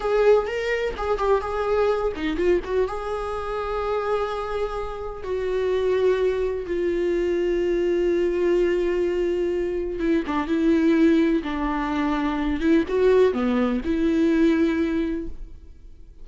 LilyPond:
\new Staff \with { instrumentName = "viola" } { \time 4/4 \tempo 4 = 126 gis'4 ais'4 gis'8 g'8 gis'4~ | gis'8 dis'8 f'8 fis'8 gis'2~ | gis'2. fis'4~ | fis'2 f'2~ |
f'1~ | f'4 e'8 d'8 e'2 | d'2~ d'8 e'8 fis'4 | b4 e'2. | }